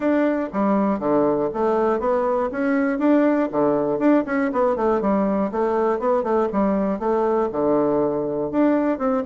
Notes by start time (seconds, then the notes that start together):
0.00 D4
0.53 G3
0.99 D3
1.53 A3
1.99 B3
2.51 C#4
2.98 D4
3.51 D3
3.98 D4
4.26 C#4
4.52 B3
4.76 A3
5.01 G3
5.51 A3
5.99 B3
6.22 A3
6.52 G3
6.99 A3
7.51 D3
8.51 D4
8.98 C4